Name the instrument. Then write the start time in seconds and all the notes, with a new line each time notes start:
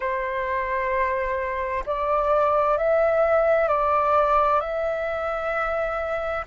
flute
0.00 C5
1.85 D5
2.77 E5
3.68 D5
4.60 E5